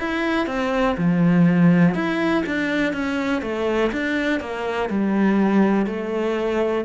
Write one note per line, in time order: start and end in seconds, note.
0.00 0.47 E4
0.47 0.96 C4
0.98 1.95 F3
1.95 2.44 E4
2.47 2.93 D4
2.93 3.42 C#4
3.42 3.92 A3
3.93 4.41 D4
4.41 4.90 A#3
4.90 5.87 G3
5.87 6.85 A3